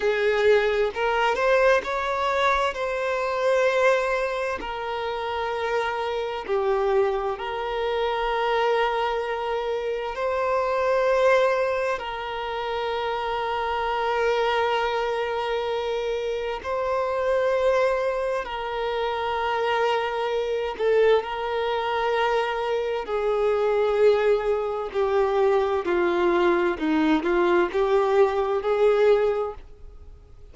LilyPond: \new Staff \with { instrumentName = "violin" } { \time 4/4 \tempo 4 = 65 gis'4 ais'8 c''8 cis''4 c''4~ | c''4 ais'2 g'4 | ais'2. c''4~ | c''4 ais'2.~ |
ais'2 c''2 | ais'2~ ais'8 a'8 ais'4~ | ais'4 gis'2 g'4 | f'4 dis'8 f'8 g'4 gis'4 | }